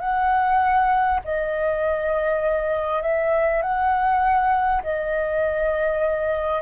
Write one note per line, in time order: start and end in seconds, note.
0.00 1.20 F#5
1.24 3.02 D#5
3.02 3.62 E5
3.62 4.82 F#5
4.82 6.62 D#5